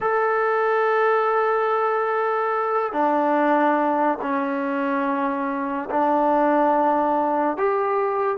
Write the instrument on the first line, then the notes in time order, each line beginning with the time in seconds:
trombone
0.00 A4
2.92 D4
4.21 C#4
5.90 D4
7.57 G4